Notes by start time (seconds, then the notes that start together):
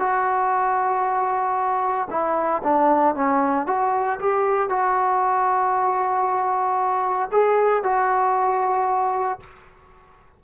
0.00 F#4
2.11 E4
2.64 D4
3.16 C#4
3.67 F#4
4.20 G4
4.70 F#4
7.32 G#4
7.84 F#4